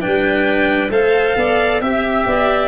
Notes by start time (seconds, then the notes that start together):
0.00 G3 D4 B4 G5
0.89 A3 A4 C5 F5
1.36 B3 D5
1.80 C4 G4 E5
2.26 B3 D5